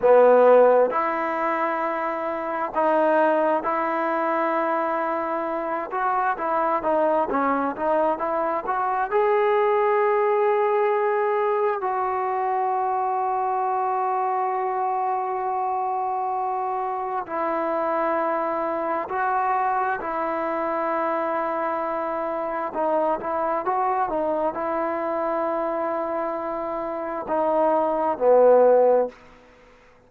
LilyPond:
\new Staff \with { instrumentName = "trombone" } { \time 4/4 \tempo 4 = 66 b4 e'2 dis'4 | e'2~ e'8 fis'8 e'8 dis'8 | cis'8 dis'8 e'8 fis'8 gis'2~ | gis'4 fis'2.~ |
fis'2. e'4~ | e'4 fis'4 e'2~ | e'4 dis'8 e'8 fis'8 dis'8 e'4~ | e'2 dis'4 b4 | }